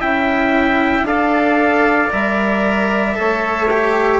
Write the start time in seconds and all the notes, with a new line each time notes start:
0.00 C#4 E4 E5 G5
1.03 D4 A4 D5 F5
2.10 G3 A#4 E5
3.14 A3 A4 C#5
3.70 G4